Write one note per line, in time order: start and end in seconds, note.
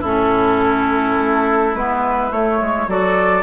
0.00 1.17 A2
0.00 1.75 C#4
0.00 2.86 E4
0.00 1.75 A4
1.18 1.74 A3
1.74 2.31 G#3
1.74 2.31 B3
1.74 2.32 B4
2.31 2.59 A3
2.31 2.88 A3
2.31 2.89 C#5
2.60 2.87 G#3
2.87 3.43 F#3
2.87 3.43 F#4
2.87 3.43 A4
2.87 3.43 D5